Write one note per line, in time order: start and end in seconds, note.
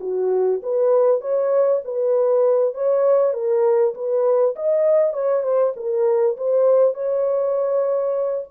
0.00 0.61 F#4
0.63 1.21 B4
1.21 1.81 C#5
1.84 2.74 B4
2.74 3.33 C#5
3.33 3.94 A#4
3.94 4.55 B4
4.56 5.13 D#5
5.13 5.43 C#5
5.43 5.73 C5
5.76 6.36 A#4
6.37 6.94 C5
6.94 8.45 C#5